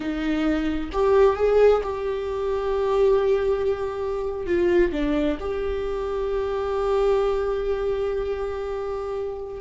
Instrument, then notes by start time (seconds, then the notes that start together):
viola
0.00 D#4
0.92 G4
1.36 G#4
1.83 G4
4.46 F4
4.92 D4
5.40 G4